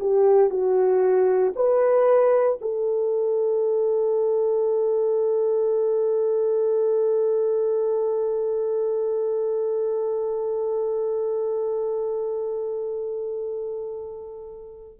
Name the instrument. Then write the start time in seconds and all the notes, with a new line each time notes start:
horn
0.00 G4
0.50 F#4
1.56 B4
2.61 A4